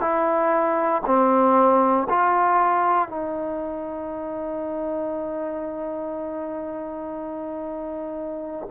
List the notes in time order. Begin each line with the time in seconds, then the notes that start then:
0.00 E4
1.06 C4
2.09 F4
3.08 D#4